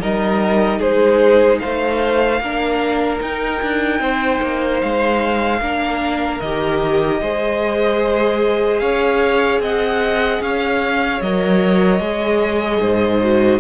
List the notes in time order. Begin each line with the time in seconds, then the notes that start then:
0.00 G3 D#4 A#4 D#5
0.79 G#3 G#4 C5
1.59 A3 C5 F5
2.40 A#3 D4 A#4
3.21 D#4 G5
3.62 D4
4.00 C4 C5
4.42 A#3
4.81 G#3 F5
5.61 A#3 D4 A#4
6.40 D#3 G4 D#5
7.21 G#3 G#4 C5
8.79 C#4 C#5 F5
9.60 C4 D#5 F#5
10.41 C#4 C#5 F5
11.21 F#3 A#4 D#5
12.00 G#3 G#4
12.81 G#2 C5
13.21 F#4